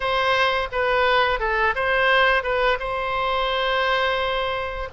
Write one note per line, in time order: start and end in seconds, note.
0.00 0.68 C5
0.72 1.39 B4
1.39 1.74 A4
1.75 2.43 C5
2.43 2.77 B4
2.79 4.88 C5